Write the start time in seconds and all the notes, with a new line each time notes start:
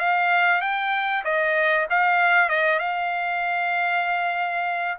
0.00 F5
0.61 G5
1.25 D#5
1.91 F5
2.49 D#5
2.80 F5